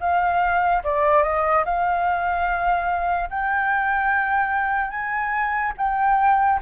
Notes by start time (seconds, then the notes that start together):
0.00 F5
0.83 D5
1.23 D#5
1.65 F5
3.30 G5
4.90 G#5
5.77 G5